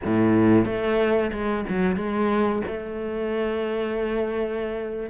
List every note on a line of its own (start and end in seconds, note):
0.05 0.65 A2
0.65 1.31 A3
1.32 1.65 G#3
1.68 1.96 F#3
1.96 2.62 G#3
2.67 5.09 A3